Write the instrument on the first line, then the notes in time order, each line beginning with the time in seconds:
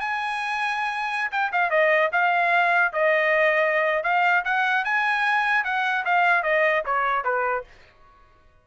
trumpet
0.00 G#5
1.31 G5
1.52 F5
1.70 D#5
2.12 F5
2.93 D#5
4.04 F5
4.45 F#5
4.84 G#5
5.64 F#5
6.05 F5
6.43 D#5
6.85 C#5
7.24 B4